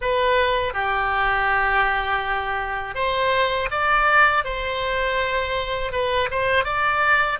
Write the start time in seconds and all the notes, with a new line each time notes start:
0.01 B4
0.73 G4
2.95 C5
3.70 D5
4.44 C5
5.92 B4
6.30 C5
6.64 D5